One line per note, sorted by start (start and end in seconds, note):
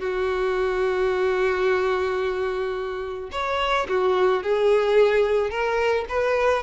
0.00 3.30 F#4
3.32 3.87 C#5
3.89 4.43 F#4
4.43 5.50 G#4
5.50 6.05 A#4
6.09 6.63 B4